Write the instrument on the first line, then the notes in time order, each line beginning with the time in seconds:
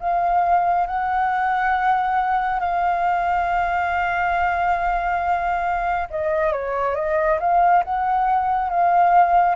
flute
0.00 F5
0.87 F#5
2.60 F5
6.11 D#5
6.53 C#5
6.95 D#5
7.40 F5
7.85 F#5
8.70 F5